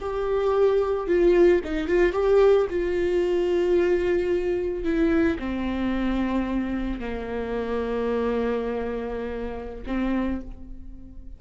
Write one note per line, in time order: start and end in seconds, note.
0.00 1.08 G4
1.08 1.62 F4
1.64 1.87 D#4
1.87 2.13 F4
2.13 2.67 G4
2.70 4.84 F4
4.84 5.38 E4
5.39 7.00 C4
7.00 9.84 A#3
9.87 10.41 C4